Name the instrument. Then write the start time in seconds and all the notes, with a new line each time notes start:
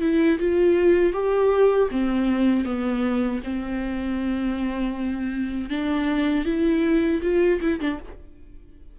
viola
0.00 E4
0.39 F4
1.13 G4
1.91 C4
2.64 B3
3.43 C4
5.70 D4
6.45 E4
7.22 F4
7.61 E4
7.80 D4